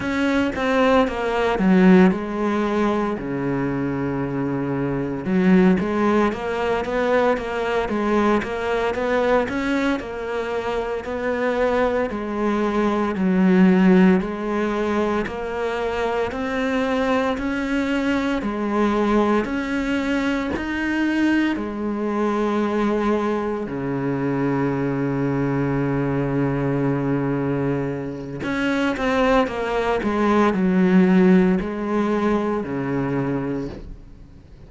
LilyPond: \new Staff \with { instrumentName = "cello" } { \time 4/4 \tempo 4 = 57 cis'8 c'8 ais8 fis8 gis4 cis4~ | cis4 fis8 gis8 ais8 b8 ais8 gis8 | ais8 b8 cis'8 ais4 b4 gis8~ | gis8 fis4 gis4 ais4 c'8~ |
c'8 cis'4 gis4 cis'4 dis'8~ | dis'8 gis2 cis4.~ | cis2. cis'8 c'8 | ais8 gis8 fis4 gis4 cis4 | }